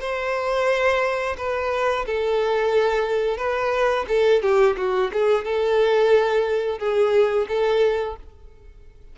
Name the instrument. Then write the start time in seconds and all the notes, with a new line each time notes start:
violin
0.00 C5
1.37 B4
2.06 A4
3.37 B4
4.08 A4
4.42 G4
4.77 F#4
5.13 G#4
5.45 A4
6.78 G#4
7.48 A4